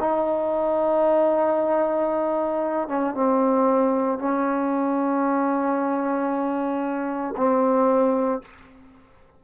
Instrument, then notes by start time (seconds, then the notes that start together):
trombone
0.00 D#4
2.89 C#4
3.14 C4
4.19 C#4
7.37 C4